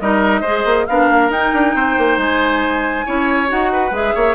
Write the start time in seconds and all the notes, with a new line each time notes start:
0.00 G3 D#4 A#4 D#5
0.41 G#3 G#4 C5
0.66 A#3
0.87 B3 D4 A#4 F5
1.10 A#3
1.30 D#4 G5
1.54 D4
1.75 C4 C5
1.98 A#3
2.18 G#3 G#5
3.06 C#4 E4 C#5
3.48 D#4 F#4 F#5
3.73 B4
3.92 G#3 G#4 E5
4.15 A#3 C#5